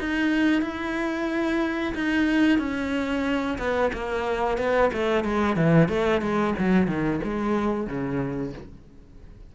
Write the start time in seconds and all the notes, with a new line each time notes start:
0.00 D#4
0.62 E4
1.95 D#4
2.59 C#4
3.59 B3
3.93 A#3
4.58 B3
4.93 A3
5.24 G#3
5.57 E3
5.89 A3
6.22 G#3
6.59 F#3
6.88 D#3
7.24 G#3
7.87 C#3